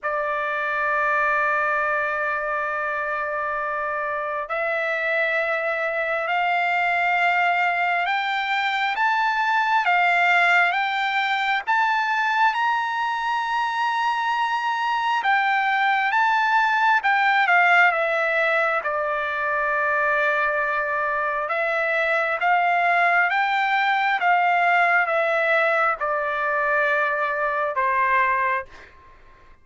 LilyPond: \new Staff \with { instrumentName = "trumpet" } { \time 4/4 \tempo 4 = 67 d''1~ | d''4 e''2 f''4~ | f''4 g''4 a''4 f''4 | g''4 a''4 ais''2~ |
ais''4 g''4 a''4 g''8 f''8 | e''4 d''2. | e''4 f''4 g''4 f''4 | e''4 d''2 c''4 | }